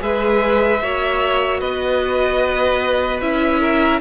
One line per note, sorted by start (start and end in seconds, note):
0.00 0.81 G#3
0.00 0.80 G#4
0.00 0.83 B4
0.00 1.60 E5
0.82 1.62 A#3
0.82 3.22 F#4
0.82 1.60 C#5
1.60 3.21 B3
1.60 3.60 B4
1.60 3.20 D#5
3.21 4.01 C#4
3.21 4.01 E4
3.21 4.01 E5
3.60 4.00 A#4